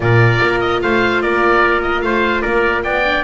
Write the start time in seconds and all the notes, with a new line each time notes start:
0.00 A#2 F4 A#4 D5
0.41 A#3
0.60 D#5
0.82 A3 C5 F5
1.21 A#3 A#4 D5
1.82 D#5
2.01 A3 C5 F5
2.41 A#3 A#4 D5
2.83 B3 D5 G5
3.03 D4